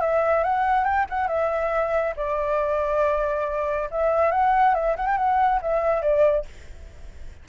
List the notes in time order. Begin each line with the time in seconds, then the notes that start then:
0.00 E5
0.43 F#5
0.84 G5
1.09 F#5
1.27 E5
2.16 D5
3.90 E5
4.31 F#5
4.74 E5
4.96 F#5
5.06 G5
5.17 F#5
5.61 E5
6.02 D5